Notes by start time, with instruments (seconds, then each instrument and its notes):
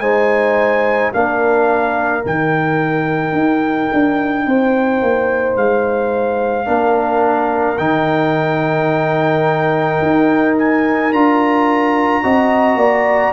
0.00 tuba G#3, trombone D#4, horn C5, trumpet G#5
1.14 tuba A#3, trombone D4, horn A#4, trumpet F5
2.22 tuba D#3, trombone D#4, trumpet G5
3.33 tuba D#4
3.93 tuba D4
4.47 tuba C4, horn C5
5.02 tuba A#3
5.57 tuba G#3, trumpet F5
6.66 tuba A#3, trombone D4, horn A#4
7.78 tuba D#3, trombone D#4, trumpet G5
10.02 tuba D#4
10.59 trumpet G#5
11.12 tuba D4, trombone F4, trumpet A#5
12.24 tuba C4, trombone F#4, horn D#5
12.76 tuba A#3, horn D5